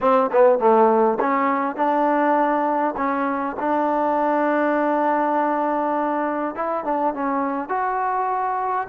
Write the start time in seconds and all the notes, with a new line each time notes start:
0.00 C4
0.32 B3
0.59 A3
1.20 C#4
1.76 D4
2.96 C#4
3.59 D4
6.55 E4
6.84 D4
7.14 C#4
7.68 F#4